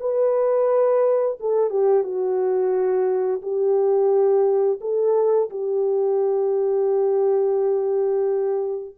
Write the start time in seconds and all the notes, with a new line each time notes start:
0.00 B4
1.40 A4
1.70 G4
2.03 F#4
3.42 G4
4.81 A4
5.50 G4